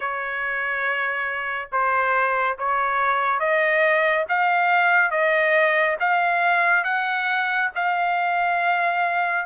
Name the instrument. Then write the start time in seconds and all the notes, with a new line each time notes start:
trumpet
0.00 C#5
1.71 C5
2.58 C#5
3.39 D#5
4.29 F5
5.10 D#5
6.00 F5
6.84 F#5
7.75 F5